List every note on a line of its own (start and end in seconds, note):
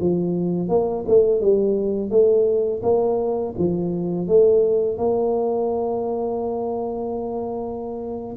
0.00 0.69 F3
0.69 1.05 A#3
1.08 1.41 A3
1.41 2.10 G3
2.10 2.81 A3
2.83 3.54 A#3
3.58 4.27 F3
4.27 4.97 A3
4.97 8.37 A#3